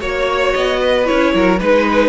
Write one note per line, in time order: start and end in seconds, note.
0.00 0.54 A#3
0.00 1.05 F#4
0.00 0.80 C#5
0.00 0.53 C#5
0.53 1.09 B3
0.53 1.06 D#5
0.80 1.33 B4
1.05 1.34 C#4
1.05 1.58 E4
1.05 1.59 C#5
1.34 1.61 F#3
1.34 1.60 A#4
1.60 2.08 G#3
1.60 2.08 D#4
1.60 2.08 B4